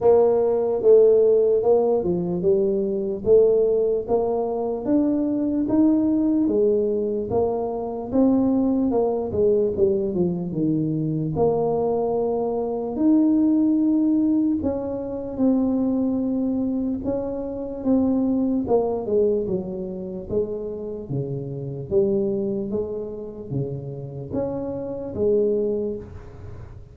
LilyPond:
\new Staff \with { instrumentName = "tuba" } { \time 4/4 \tempo 4 = 74 ais4 a4 ais8 f8 g4 | a4 ais4 d'4 dis'4 | gis4 ais4 c'4 ais8 gis8 | g8 f8 dis4 ais2 |
dis'2 cis'4 c'4~ | c'4 cis'4 c'4 ais8 gis8 | fis4 gis4 cis4 g4 | gis4 cis4 cis'4 gis4 | }